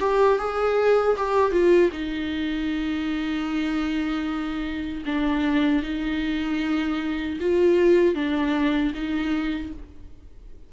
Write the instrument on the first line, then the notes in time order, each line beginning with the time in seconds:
viola
0.00 G4
0.39 G#4
1.17 G4
1.52 F4
1.92 D#4
5.06 D4
5.83 D#4
7.40 F4
8.15 D4
8.94 D#4